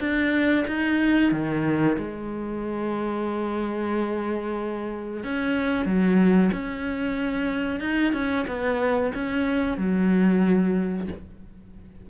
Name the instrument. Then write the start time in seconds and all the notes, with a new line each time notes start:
cello
0.00 D4
0.68 D#4
1.32 D#3
1.98 G#3
5.24 C#4
5.86 F#3
6.52 C#4
7.81 D#4
8.13 C#4
8.48 B3
9.15 C#4
9.78 F#3